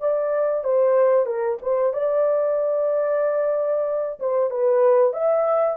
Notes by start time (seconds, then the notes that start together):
0.00 D5
0.65 C5
1.26 A#4
1.62 C5
1.94 D5
4.20 C5
4.50 B4
5.13 E5